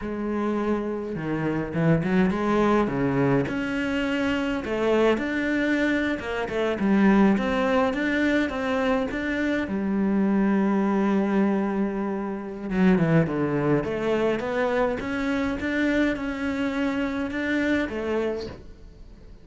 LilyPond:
\new Staff \with { instrumentName = "cello" } { \time 4/4 \tempo 4 = 104 gis2 dis4 e8 fis8 | gis4 cis4 cis'2 | a4 d'4.~ d'16 ais8 a8 g16~ | g8. c'4 d'4 c'4 d'16~ |
d'8. g2.~ g16~ | g2 fis8 e8 d4 | a4 b4 cis'4 d'4 | cis'2 d'4 a4 | }